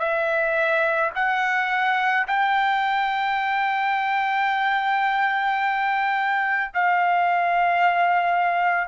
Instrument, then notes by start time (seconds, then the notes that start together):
trumpet
0.00 E5
1.16 F#5
2.28 G5
6.74 F5